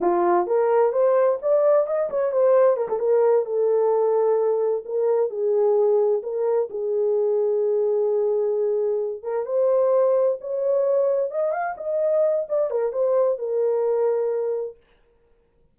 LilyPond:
\new Staff \with { instrumentName = "horn" } { \time 4/4 \tempo 4 = 130 f'4 ais'4 c''4 d''4 | dis''8 cis''8 c''4 ais'16 a'16 ais'4 a'8~ | a'2~ a'8 ais'4 gis'8~ | gis'4. ais'4 gis'4.~ |
gis'1 | ais'8 c''2 cis''4.~ | cis''8 dis''8 f''8 dis''4. d''8 ais'8 | c''4 ais'2. | }